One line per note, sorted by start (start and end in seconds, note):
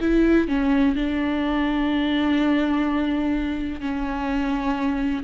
0.00 0.48 E4
0.48 0.95 C#4
0.95 3.81 D4
3.81 5.23 C#4